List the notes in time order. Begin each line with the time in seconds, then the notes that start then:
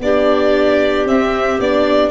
0.00 B3 D4 G4 D5
1.05 C4 E5
1.59 B3 D4 D5